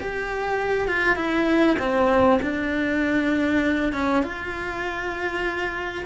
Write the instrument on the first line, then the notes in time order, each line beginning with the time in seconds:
cello
0.00 G4
0.88 F4
1.16 E4
1.79 C4
2.42 D4
3.93 C#4
4.23 F4